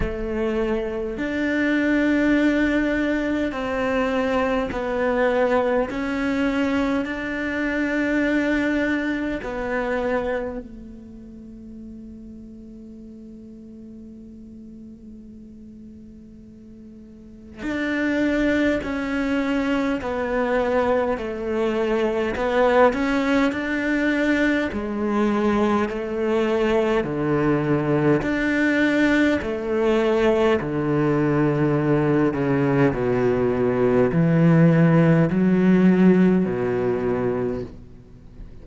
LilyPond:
\new Staff \with { instrumentName = "cello" } { \time 4/4 \tempo 4 = 51 a4 d'2 c'4 | b4 cis'4 d'2 | b4 a2.~ | a2. d'4 |
cis'4 b4 a4 b8 cis'8 | d'4 gis4 a4 d4 | d'4 a4 d4. cis8 | b,4 e4 fis4 b,4 | }